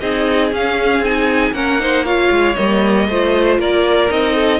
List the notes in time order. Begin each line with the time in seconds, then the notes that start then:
0.00 C4 D#4 G#4 D#5
0.52 C#4 F5
0.99 C4 D#4 G#5
1.52 A#3 C#4 A#4 F#5
1.79 D#4 C5
2.04 F4 C#5 F5
2.31 G#3
2.55 G3 A#3 D#5
3.08 A3 F4 C5
3.59 A#3 A#4 D5
4.09 C4 D#4 D#5
4.35 A4